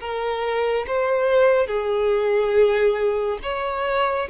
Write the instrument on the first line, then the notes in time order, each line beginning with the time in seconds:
violin
0.00 A#4
0.87 C5
1.67 G#4
3.43 C#5